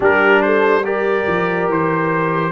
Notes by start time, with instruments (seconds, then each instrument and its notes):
0.00 tuba G3, trombone D4, horn G4, trumpet A#4
0.42 horn A4, trumpet C5
0.83 trombone G4, horn A#4, trumpet D5
1.27 tuba F3
1.68 tuba E3, trumpet C5